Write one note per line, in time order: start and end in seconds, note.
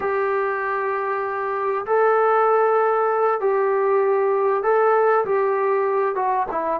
0.00 1.85 G4
1.86 3.40 A4
3.40 4.63 G4
4.63 5.24 A4
5.25 6.15 G4
6.15 6.46 F#4
6.51 6.80 E4